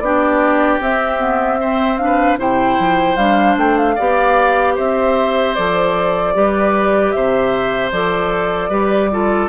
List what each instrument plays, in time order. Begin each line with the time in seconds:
0.00 bassoon B3, clarinet D4, oboe G4, flute D5
0.81 bassoon C4, clarinet C4, flute E5
1.20 clarinet B3
1.61 clarinet C4, oboe C5
1.98 clarinet D4, flute F5
2.05 oboe B4
2.38 bassoon C3, clarinet E4, oboe C5, flute G5
2.79 bassoon F3
3.17 bassoon G3, clarinet D4, flute F5
3.57 bassoon A3, flute G5
3.78 flute F5
3.96 bassoon B3, clarinet G4, oboe D5
4.76 bassoon C4, oboe C5, flute E5
5.55 bassoon F3, clarinet A4, flute D5
6.35 bassoon G3, clarinet G4, oboe B4
7.12 bassoon C3, oboe C5, flute E5
7.92 bassoon F3, clarinet A4, flute D5
8.70 bassoon G3, clarinet G4, oboe B4
9.12 clarinet F4, oboe A4